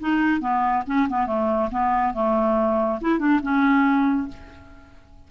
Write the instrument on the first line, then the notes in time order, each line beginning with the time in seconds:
clarinet
0.00 D#4
0.40 B3
0.86 C#4
1.09 B3
1.26 A3
1.71 B3
2.14 A3
3.01 E4
3.19 D4
3.42 C#4